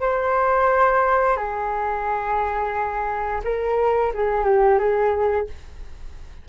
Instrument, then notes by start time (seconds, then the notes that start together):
flute
0.00 C5
1.36 G#4
3.44 A#4
4.14 G#4
4.44 G4
4.79 G#4